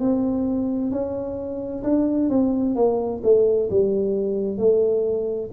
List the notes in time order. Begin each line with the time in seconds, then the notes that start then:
0.00 C4
0.91 C#4
1.84 D4
2.30 C4
2.76 A#3
3.23 A3
3.70 G3
4.58 A3